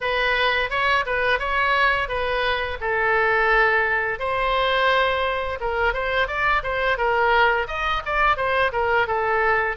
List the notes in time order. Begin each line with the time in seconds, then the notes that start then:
0.01 B4
0.69 C#5
1.06 B4
1.39 C#5
2.08 B4
2.81 A4
4.19 C5
5.60 A#4
5.93 C5
6.27 D5
6.63 C5
6.97 A#4
7.67 D#5
8.05 D5
8.36 C5
8.72 A#4
9.07 A4